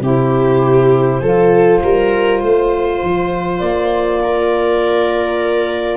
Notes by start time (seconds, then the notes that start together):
0.00 C3 E4 G4 C5
1.21 F3 F4 A4
1.82 G3 A#4
2.40 A3 C5
3.03 F3
3.59 A#3 D5
4.22 A#4